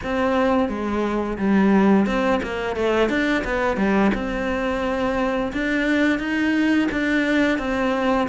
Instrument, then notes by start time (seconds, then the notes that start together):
cello
0.03 C4
0.68 G#3
1.38 G3
2.06 C4
2.43 A#3
2.76 A3
3.09 D4
3.44 B3
3.76 G3
4.14 C4
5.52 D4
6.19 D#4
6.91 D4
7.58 C4